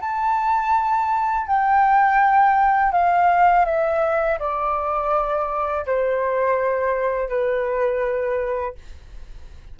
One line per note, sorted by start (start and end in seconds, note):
0.00 1.46 A5
1.46 2.92 G5
2.92 3.65 F5
3.65 4.38 E5
4.39 5.85 D5
5.86 7.28 C5
7.28 8.75 B4